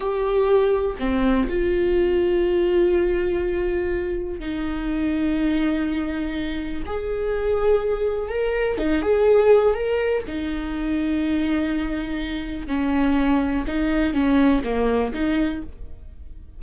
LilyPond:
\new Staff \with { instrumentName = "viola" } { \time 4/4 \tempo 4 = 123 g'2 c'4 f'4~ | f'1~ | f'4 dis'2.~ | dis'2 gis'2~ |
gis'4 ais'4 dis'8 gis'4. | ais'4 dis'2.~ | dis'2 cis'2 | dis'4 cis'4 ais4 dis'4 | }